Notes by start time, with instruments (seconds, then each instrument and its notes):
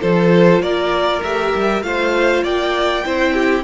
0.00 cello F3, viola F4, violin A4 C5
0.60 cello A#3, violin A#4 D5
1.23 cello A3, viola G4, violin E5
1.55 cello G3
1.82 cello A3, viola F4, violin C5 F5
2.44 cello A#3, violin D5 G5
3.05 cello C4, viola E4, violin C5
3.34 violin G4